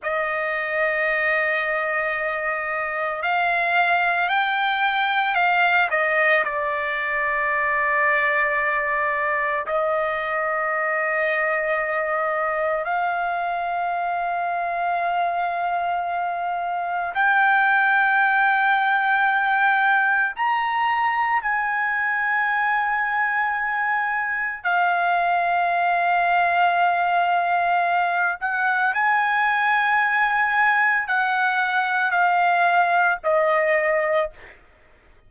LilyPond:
\new Staff \with { instrumentName = "trumpet" } { \time 4/4 \tempo 4 = 56 dis''2. f''4 | g''4 f''8 dis''8 d''2~ | d''4 dis''2. | f''1 |
g''2. ais''4 | gis''2. f''4~ | f''2~ f''8 fis''8 gis''4~ | gis''4 fis''4 f''4 dis''4 | }